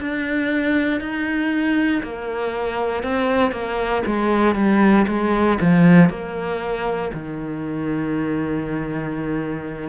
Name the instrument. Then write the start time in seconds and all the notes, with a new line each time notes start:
cello
0.00 D4
1.00 D#4
2.03 A#3
3.04 C4
3.52 A#3
4.06 G#3
4.55 G3
5.08 G#3
5.61 F3
6.10 A#3
7.13 D#3